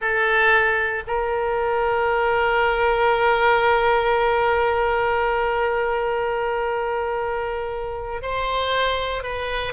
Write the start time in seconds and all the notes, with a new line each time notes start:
0.01 A4
1.07 A#4
8.22 C5
9.23 B4